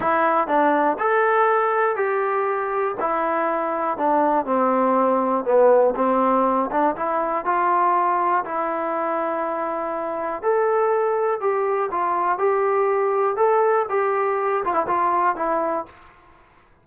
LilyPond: \new Staff \with { instrumentName = "trombone" } { \time 4/4 \tempo 4 = 121 e'4 d'4 a'2 | g'2 e'2 | d'4 c'2 b4 | c'4. d'8 e'4 f'4~ |
f'4 e'2.~ | e'4 a'2 g'4 | f'4 g'2 a'4 | g'4. f'16 e'16 f'4 e'4 | }